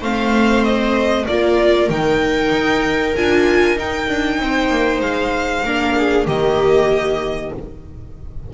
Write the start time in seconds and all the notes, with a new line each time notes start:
0.00 A3 C4 C5 F5
0.63 D#5
1.26 A#3 F4 A#4 D5
1.89 D#3 D#4 G5
2.51 D#4
3.15 D4 F4 G#5
3.76 D#4 G5
4.08 D4
4.39 C4 C5
4.70 A#3
5.01 G#3 F5
5.64 A#3 D4 A#4
5.97 G#4
6.26 D#3 A#3 G4 D#5